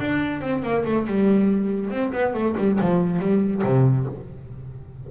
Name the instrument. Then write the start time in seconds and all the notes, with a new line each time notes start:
double bass
0.00 D4
0.41 C4
0.62 A#3
0.85 A3
1.07 G3
1.90 C4
2.12 B3
2.34 A3
2.57 G3
2.80 F3
3.19 G3
3.63 C3